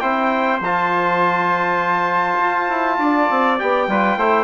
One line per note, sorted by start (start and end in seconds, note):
0.00 0.61 C4
0.00 0.61 E4
0.00 3.00 C5
0.00 0.59 G5
0.61 2.39 F3
0.61 3.59 F4
0.61 3.60 A5
2.40 2.70 F4
2.70 2.99 E4
2.99 3.28 D4
2.99 3.89 D5
3.31 3.60 C4
3.59 3.88 B3
3.59 3.89 G4
3.59 4.45 G5
3.88 4.17 G3
3.88 4.19 F4
3.88 4.18 B4
4.17 4.45 A3
4.17 4.45 E4
4.17 4.45 C5